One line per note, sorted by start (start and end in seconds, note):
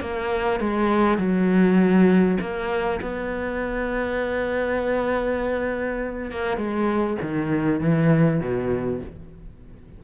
0.00 0.60 A#3
0.60 1.18 G#3
1.18 2.38 F#3
2.40 3.00 A#3
3.01 6.31 B3
6.31 6.57 A#3
6.57 7.17 G#3
7.22 7.80 D#3
7.80 8.40 E3
8.40 9.00 B2